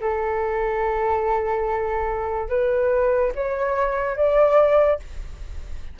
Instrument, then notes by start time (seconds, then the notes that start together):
flute
0.00 A4
2.48 B4
3.34 C#5
4.16 D5